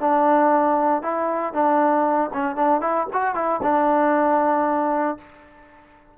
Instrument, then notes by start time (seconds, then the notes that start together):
trombone
0.00 D4
1.02 E4
1.53 D4
2.33 C#4
2.56 D4
2.81 E4
3.13 F#4
3.35 E4
3.63 D4